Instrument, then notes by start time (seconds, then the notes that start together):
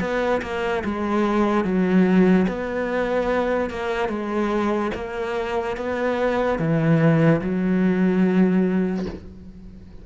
cello
0.00 B3
0.41 A#3
0.84 G#3
1.64 F#3
2.47 B3
3.69 A#3
4.09 G#3
4.94 A#3
5.76 B3
6.58 E3
7.41 F#3